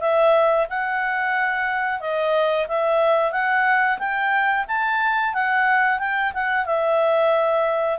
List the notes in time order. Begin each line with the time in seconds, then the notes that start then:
0.00 E5
0.69 F#5
2.00 D#5
2.68 E5
3.32 F#5
3.98 G5
4.68 A5
5.34 F#5
5.99 G5
6.34 F#5
6.65 E5